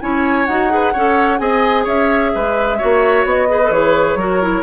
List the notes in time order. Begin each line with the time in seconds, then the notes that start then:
0.00 C#4 E4 C#5 G#5
0.45 D#4 F#4 F#5
0.69 G#4 B4
0.92 C#4 A4 C#5
1.38 C4 G#4 D#5 G#5
1.84 C#4 C#5 E5
2.34 G#3 B4
2.78 A#3 F#4 C#5
3.24 B3 D#5
3.49 G#4 B4
3.63 A4
3.70 E3 G#4 C#5
4.15 F#3 F#4 A#4
4.42 E4